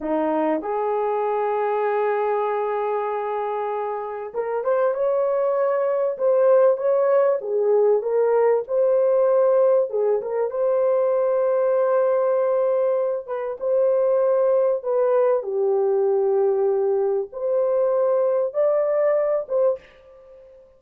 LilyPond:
\new Staff \with { instrumentName = "horn" } { \time 4/4 \tempo 4 = 97 dis'4 gis'2.~ | gis'2. ais'8 c''8 | cis''2 c''4 cis''4 | gis'4 ais'4 c''2 |
gis'8 ais'8 c''2.~ | c''4. b'8 c''2 | b'4 g'2. | c''2 d''4. c''8 | }